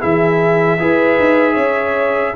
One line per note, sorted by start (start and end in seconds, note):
0.00 0.80 E3
0.00 0.78 E4
0.00 0.79 G#4
0.00 2.35 E5
0.78 1.19 E4
0.78 2.34 G#4
0.78 1.54 B4
1.19 1.56 D#4
1.54 2.34 C#4
1.54 2.32 C#5